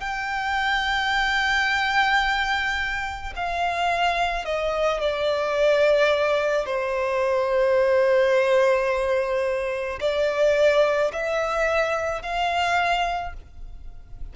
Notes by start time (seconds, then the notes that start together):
0.00 G5
3.36 F5
4.45 D#5
5.01 D5
6.66 C5
10.00 D5
11.13 E5
12.22 F5